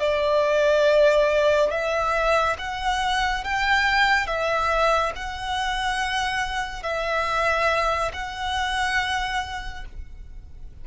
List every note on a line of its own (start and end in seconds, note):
0.00 1.71 D5
1.71 2.57 E5
2.59 3.45 F#5
3.45 4.27 G5
4.27 5.13 E5
5.16 6.83 F#5
6.83 8.12 E5
8.14 9.85 F#5